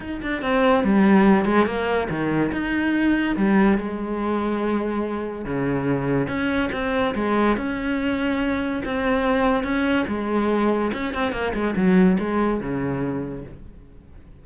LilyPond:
\new Staff \with { instrumentName = "cello" } { \time 4/4 \tempo 4 = 143 dis'8 d'8 c'4 g4. gis8 | ais4 dis4 dis'2 | g4 gis2.~ | gis4 cis2 cis'4 |
c'4 gis4 cis'2~ | cis'4 c'2 cis'4 | gis2 cis'8 c'8 ais8 gis8 | fis4 gis4 cis2 | }